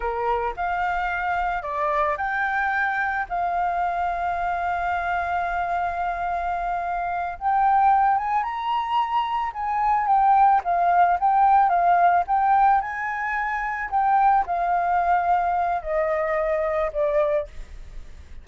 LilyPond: \new Staff \with { instrumentName = "flute" } { \time 4/4 \tempo 4 = 110 ais'4 f''2 d''4 | g''2 f''2~ | f''1~ | f''4. g''4. gis''8 ais''8~ |
ais''4. gis''4 g''4 f''8~ | f''8 g''4 f''4 g''4 gis''8~ | gis''4. g''4 f''4.~ | f''4 dis''2 d''4 | }